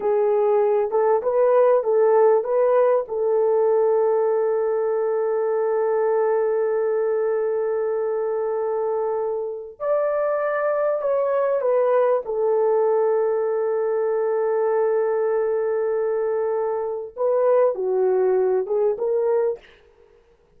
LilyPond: \new Staff \with { instrumentName = "horn" } { \time 4/4 \tempo 4 = 98 gis'4. a'8 b'4 a'4 | b'4 a'2.~ | a'1~ | a'1 |
d''2 cis''4 b'4 | a'1~ | a'1 | b'4 fis'4. gis'8 ais'4 | }